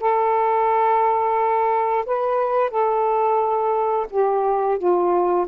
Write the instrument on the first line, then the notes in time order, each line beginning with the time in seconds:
saxophone
0.00 A4
2.06 B4
2.70 A4
4.10 G4
4.78 F4